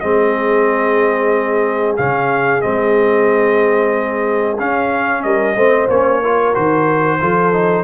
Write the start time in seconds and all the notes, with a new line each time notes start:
0.00 G#3 C4 G#4 D#5
1.96 C#3 C#4 F5
2.61 G#3 C4 D#5
4.58 C#4 F5
5.22 G3 A#4 D#5
5.55 A3 C4 C5
5.88 A#3 C#4 C#5
6.22 F4 A#4
6.54 D#3 F#4 C5
7.21 F3 F4 A4
7.52 D#4